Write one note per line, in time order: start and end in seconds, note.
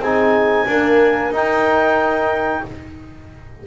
0.00 0.65 C4
0.00 0.68 D#4
0.00 0.68 G#4
0.00 1.33 G#5
0.67 1.34 A#3
0.67 1.31 D4
0.67 2.64 A#4
1.31 2.61 D#4
1.31 2.64 D#4
1.31 2.67 G5